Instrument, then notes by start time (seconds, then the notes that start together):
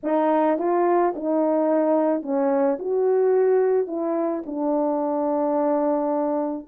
horn
0.03 D#4
0.58 F4
1.15 D#4
2.22 C#4
2.79 F#4
3.87 E4
4.45 D4